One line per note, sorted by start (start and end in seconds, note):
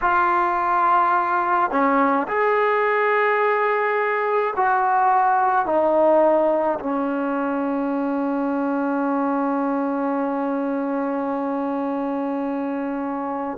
0.01 1.70 F4
1.70 2.27 C#4
2.27 4.53 G#4
4.56 5.65 F#4
5.65 6.78 D#4
6.79 13.57 C#4